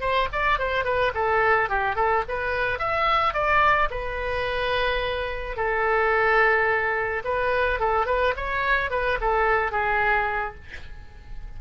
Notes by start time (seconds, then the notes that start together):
0.00 C5
0.32 D5
0.59 C5
0.84 B4
1.14 A4
1.69 G4
1.95 A4
2.28 B4
2.79 E5
3.33 D5
3.90 B4
5.56 A4
7.24 B4
7.79 A4
8.06 B4
8.36 C#5
8.90 B4
9.20 A4
9.71 G#4